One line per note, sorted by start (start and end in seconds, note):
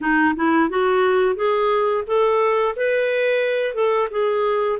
0.00 0.34 D#4
0.35 0.69 E4
0.69 1.35 F#4
1.35 2.04 G#4
2.06 2.75 A4
2.76 3.74 B4
3.74 4.08 A4
4.10 4.79 G#4